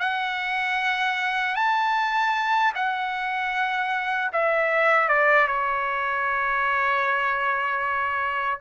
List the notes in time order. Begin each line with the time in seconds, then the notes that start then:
0.00 F#5
1.56 A5
2.75 F#5
4.33 E5
5.09 D5
5.48 C#5